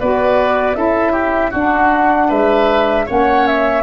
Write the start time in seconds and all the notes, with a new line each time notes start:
0.00 B3 F#4 B4 D5
0.74 C#4 E4 A4 E5
1.12 G4
1.51 D4 F#4
1.57 F#5
2.29 G#3 B4 E5
3.06 A#3 C#4 C#5 F#5
3.47 E5